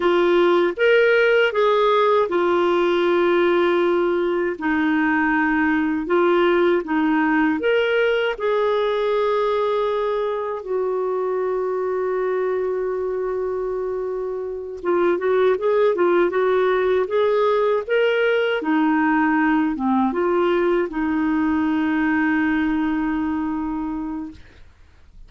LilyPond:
\new Staff \with { instrumentName = "clarinet" } { \time 4/4 \tempo 4 = 79 f'4 ais'4 gis'4 f'4~ | f'2 dis'2 | f'4 dis'4 ais'4 gis'4~ | gis'2 fis'2~ |
fis'2.~ fis'8 f'8 | fis'8 gis'8 f'8 fis'4 gis'4 ais'8~ | ais'8 dis'4. c'8 f'4 dis'8~ | dis'1 | }